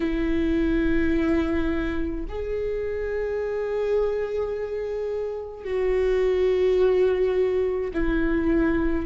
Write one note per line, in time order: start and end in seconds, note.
0.00 2.25 E4
2.28 5.64 G#4
5.64 7.90 F#4
7.93 9.06 E4